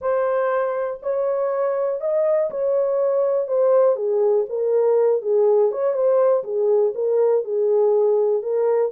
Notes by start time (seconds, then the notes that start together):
0.01 C5
1.02 C#5
2.00 D#5
2.50 C#5
3.47 C5
3.96 G#4
4.49 A#4
5.22 G#4
5.71 C#5
5.93 C5
6.43 G#4
6.94 A#4
7.44 G#4
8.42 A#4